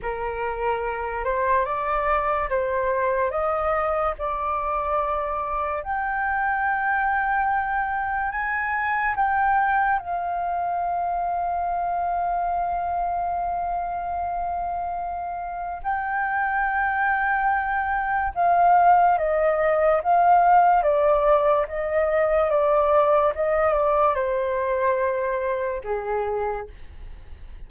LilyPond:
\new Staff \with { instrumentName = "flute" } { \time 4/4 \tempo 4 = 72 ais'4. c''8 d''4 c''4 | dis''4 d''2 g''4~ | g''2 gis''4 g''4 | f''1~ |
f''2. g''4~ | g''2 f''4 dis''4 | f''4 d''4 dis''4 d''4 | dis''8 d''8 c''2 gis'4 | }